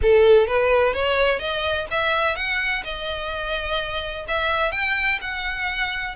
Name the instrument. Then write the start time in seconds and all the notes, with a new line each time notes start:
violin
0.02 A4
0.47 B4
0.93 C#5
1.39 D#5
1.90 E5
2.36 F#5
2.83 D#5
4.28 E5
4.71 G5
5.21 F#5